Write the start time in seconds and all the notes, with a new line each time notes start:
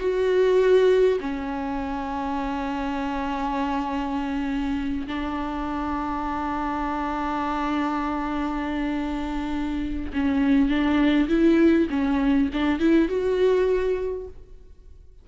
0.00 F#4
1.21 C#4
5.07 D4
10.13 C#4
10.69 D4
11.29 E4
11.90 C#4
12.53 D4
12.80 E4
13.09 F#4